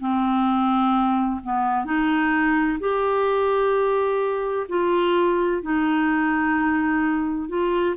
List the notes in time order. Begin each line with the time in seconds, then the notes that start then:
0.00 C4
1.43 B3
1.85 D#4
2.80 G4
4.68 F4
5.62 D#4
7.48 F4